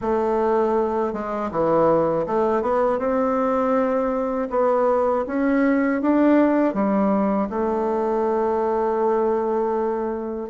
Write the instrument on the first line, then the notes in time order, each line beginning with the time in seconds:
bassoon
0.01 A3
1.12 G#3
1.51 E3
2.26 A3
2.61 B3
2.98 C4
4.50 B3
5.26 C#4
6.01 D4
6.73 G3
7.49 A3